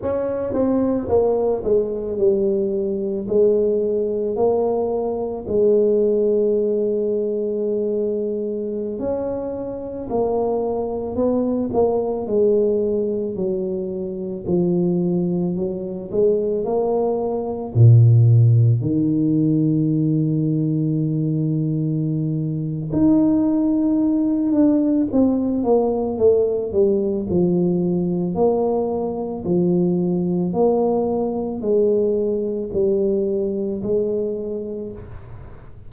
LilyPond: \new Staff \with { instrumentName = "tuba" } { \time 4/4 \tempo 4 = 55 cis'8 c'8 ais8 gis8 g4 gis4 | ais4 gis2.~ | gis16 cis'4 ais4 b8 ais8 gis8.~ | gis16 fis4 f4 fis8 gis8 ais8.~ |
ais16 ais,4 dis2~ dis8.~ | dis4 dis'4. d'8 c'8 ais8 | a8 g8 f4 ais4 f4 | ais4 gis4 g4 gis4 | }